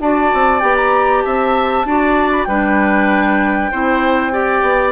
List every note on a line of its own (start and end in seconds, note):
0.00 0.31 D4
0.00 0.61 F#4
0.00 1.25 D5
0.00 0.60 A5
0.34 0.62 C4
0.60 1.24 B3
0.60 1.85 G4
0.60 0.75 G5
0.76 1.22 A#5
1.22 1.85 C4
1.22 1.87 E5
1.22 2.30 A5
1.85 2.47 D4
1.85 2.49 F#4
1.85 2.48 D5
2.32 2.44 B5
2.44 3.71 G3
2.44 3.73 D4
2.44 3.72 B4
2.44 4.92 G5
3.72 4.62 C4
3.72 4.32 E4
3.72 4.33 C5
4.32 4.92 G4
4.32 4.92 D5
4.62 4.92 B3